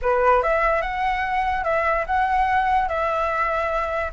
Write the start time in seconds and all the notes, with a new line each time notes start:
0.02 B4
0.42 E5
0.81 F#5
1.64 E5
2.06 F#5
2.88 E5